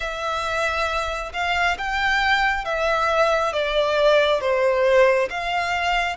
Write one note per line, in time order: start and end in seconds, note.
0.00 1.32 E5
1.33 1.77 F5
1.78 2.65 G5
2.65 3.53 E5
3.53 4.40 D5
4.40 5.29 C5
5.29 6.16 F5